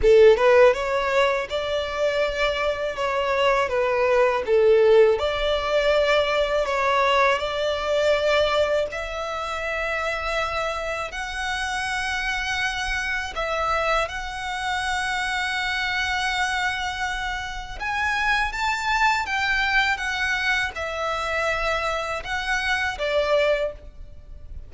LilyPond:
\new Staff \with { instrumentName = "violin" } { \time 4/4 \tempo 4 = 81 a'8 b'8 cis''4 d''2 | cis''4 b'4 a'4 d''4~ | d''4 cis''4 d''2 | e''2. fis''4~ |
fis''2 e''4 fis''4~ | fis''1 | gis''4 a''4 g''4 fis''4 | e''2 fis''4 d''4 | }